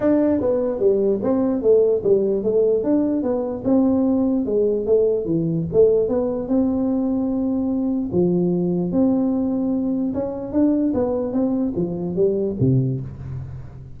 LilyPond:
\new Staff \with { instrumentName = "tuba" } { \time 4/4 \tempo 4 = 148 d'4 b4 g4 c'4 | a4 g4 a4 d'4 | b4 c'2 gis4 | a4 e4 a4 b4 |
c'1 | f2 c'2~ | c'4 cis'4 d'4 b4 | c'4 f4 g4 c4 | }